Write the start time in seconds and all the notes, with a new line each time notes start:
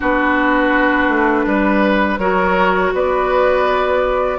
0.00 B3 D4 F#4 B4
1.08 A3
1.46 G3 B4
2.18 F#3 F#4 A#4 C#5
2.93 B3 B4 D5